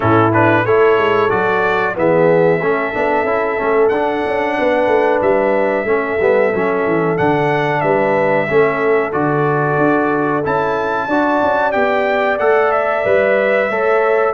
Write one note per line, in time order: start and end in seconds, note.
0.00 0.65 A2
0.00 0.32 C#4
0.00 0.63 E4
0.00 0.32 A4
0.33 0.65 D4
0.33 0.65 B4
0.64 0.97 A3
0.64 1.29 E4
0.64 1.95 A4
0.64 1.30 C#5
0.97 1.30 G#3
1.29 1.96 F#3
1.29 1.95 F#4
1.29 1.95 D5
1.95 2.61 E3
1.95 2.60 B3
1.95 2.60 G#4
1.95 3.88 E5
2.60 2.93 A3
2.60 2.93 C#4
2.60 4.55 A4
2.93 3.24 B3
2.93 3.26 D4
3.24 3.56 C#4
3.24 3.58 E4
3.58 3.91 A3
3.58 3.90 C#4
3.88 4.23 D4
3.88 5.86 D4
3.88 5.19 F#5
4.26 4.58 C#4
4.58 4.87 B3
4.58 5.89 B4
4.87 5.19 A3
5.21 5.83 G3
5.21 7.17 E5
5.83 6.16 A3
5.83 6.18 C#4
5.83 7.82 A4
6.19 6.52 G3
6.19 6.53 B3
6.54 6.86 F#3
6.54 7.17 C#4
6.86 7.19 E3
7.17 7.82 D3
7.17 8.47 D4
7.17 7.80 F#5
7.80 8.48 G3
7.80 8.47 B4
7.80 9.11 E5
8.48 9.13 A3
8.48 9.12 C#4
8.48 11.07 A4
9.12 9.77 D3
9.12 10.43 F#4
9.12 10.43 D5
9.77 10.43 D4
10.43 11.07 C#4
10.43 11.09 E4
10.43 11.72 A5
11.07 11.40 D4
11.07 11.72 F#4
11.07 13.68 D5
11.42 11.74 C#4
11.72 12.39 B3
11.72 12.38 G4
11.72 12.37 G5
12.39 13.04 A3
12.39 13.04 A4
12.39 12.71 F#5
12.71 14.34 E5
13.04 13.69 G3
13.04 13.70 B4
13.69 14.34 A3
13.69 14.34 A4
13.69 14.34 C#5